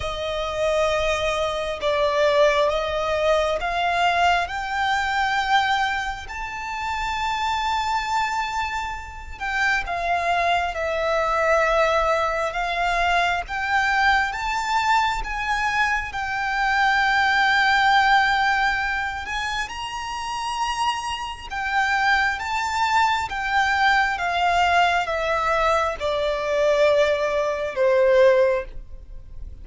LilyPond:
\new Staff \with { instrumentName = "violin" } { \time 4/4 \tempo 4 = 67 dis''2 d''4 dis''4 | f''4 g''2 a''4~ | a''2~ a''8 g''8 f''4 | e''2 f''4 g''4 |
a''4 gis''4 g''2~ | g''4. gis''8 ais''2 | g''4 a''4 g''4 f''4 | e''4 d''2 c''4 | }